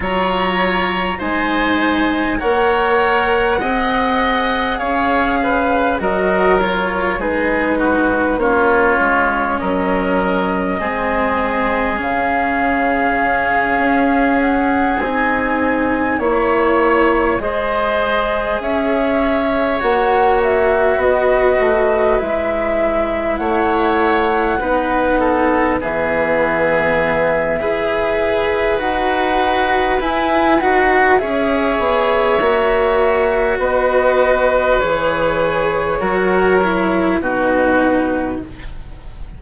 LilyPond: <<
  \new Staff \with { instrumentName = "flute" } { \time 4/4 \tempo 4 = 50 ais''4 gis''4 fis''2 | f''4 dis''8 cis''8 b'4 cis''4 | dis''2 f''2 | fis''8 gis''4 cis''4 dis''4 e''8~ |
e''8 fis''8 e''8 dis''4 e''4 fis''8~ | fis''4. e''2~ e''8 | fis''4 gis''8 fis''8 e''2 | dis''4 cis''2 b'4 | }
  \new Staff \with { instrumentName = "oboe" } { \time 4/4 cis''4 c''4 cis''4 dis''4 | cis''8 b'8 ais'4 gis'8 fis'8 f'4 | ais'4 gis'2.~ | gis'4. cis''4 c''4 cis''8~ |
cis''4. b'2 cis''8~ | cis''8 b'8 a'8 gis'4. b'4~ | b'2 cis''2 | b'2 ais'4 fis'4 | }
  \new Staff \with { instrumentName = "cello" } { \time 4/4 f'4 dis'4 ais'4 gis'4~ | gis'4 fis'8 f'8 dis'4 cis'4~ | cis'4 c'4 cis'2~ | cis'8 dis'4 e'4 gis'4.~ |
gis'8 fis'2 e'4.~ | e'8 dis'4 b4. gis'4 | fis'4 e'8 fis'8 gis'4 fis'4~ | fis'4 gis'4 fis'8 e'8 dis'4 | }
  \new Staff \with { instrumentName = "bassoon" } { \time 4/4 fis4 gis4 ais4 c'4 | cis'4 fis4 gis4 ais8 gis8 | fis4 gis4 cis4. cis'8~ | cis'8 c'4 ais4 gis4 cis'8~ |
cis'8 ais4 b8 a8 gis4 a8~ | a8 b4 e4. e'4 | dis'4 e'8 dis'8 cis'8 b8 ais4 | b4 e4 fis4 b,4 | }
>>